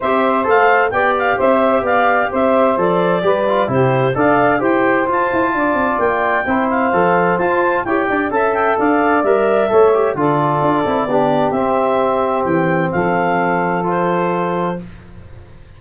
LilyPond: <<
  \new Staff \with { instrumentName = "clarinet" } { \time 4/4 \tempo 4 = 130 e''4 f''4 g''8 f''8 e''4 | f''4 e''4 d''2 | c''4 f''4 g''4 a''4~ | a''4 g''4. f''4. |
a''4 g''4 a''8 g''8 f''4 | e''2 d''2~ | d''4 e''2 g''4 | f''2 c''2 | }
  \new Staff \with { instrumentName = "saxophone" } { \time 4/4 c''2 d''4 c''4 | d''4 c''2 b'4 | g'4 d''4 c''2 | d''2 c''2~ |
c''4 cis''8 d''8 e''4 d''4~ | d''4 cis''4 a'2 | g'1 | a'1 | }
  \new Staff \with { instrumentName = "trombone" } { \time 4/4 g'4 a'4 g'2~ | g'2 a'4 g'8 f'8 | e'4 a'4 g'4 f'4~ | f'2 e'4 a'4 |
f'4 g'4 a'2 | ais'4 a'8 g'8 f'4. e'8 | d'4 c'2.~ | c'2 f'2 | }
  \new Staff \with { instrumentName = "tuba" } { \time 4/4 c'4 a4 b4 c'4 | b4 c'4 f4 g4 | c4 d'4 e'4 f'8 e'8 | d'8 c'8 ais4 c'4 f4 |
f'4 e'8 d'8 cis'4 d'4 | g4 a4 d4 d'8 c'8 | b4 c'2 e4 | f1 | }
>>